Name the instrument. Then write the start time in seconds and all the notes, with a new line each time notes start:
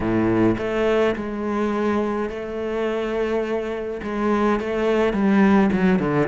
cello
0.00 A2
0.58 A3
1.15 G#3
2.29 A3
4.02 G#3
4.59 A3
5.13 G3
5.72 F#3
5.99 D3